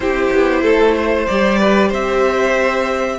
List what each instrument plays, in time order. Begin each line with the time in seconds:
0.00 cello C4, viola E4, violin G4 C5
0.31 cello B3
0.62 cello A3, violin A4
0.96 violin C5
1.26 cello G3, viola G4, violin D5
1.59 violin B4
1.88 cello C4, violin C5 E5